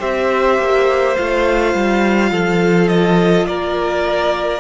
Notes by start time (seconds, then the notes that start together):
0.00 C4 G4 C5 E5
0.59 A#3
1.17 A3 F4 F5
1.75 G3
2.31 F3 A4
2.88 D#5
3.47 A#3 A#4 D5